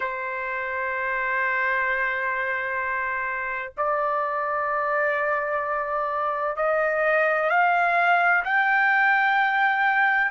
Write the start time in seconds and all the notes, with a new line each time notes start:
0.00 C5
3.77 D5
6.56 D#5
7.50 F5
8.44 G5